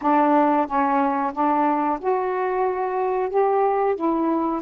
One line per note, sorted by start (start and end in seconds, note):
0.01 0.66 D4
0.66 1.32 C#4
1.33 1.99 D4
1.99 3.29 F#4
3.29 3.95 G4
3.95 4.61 E4